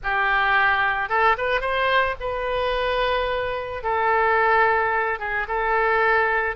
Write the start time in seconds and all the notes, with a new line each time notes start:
0.03 G4
1.09 A4
1.37 B4
1.60 C5
2.20 B4
3.83 A4
5.19 G#4
5.47 A4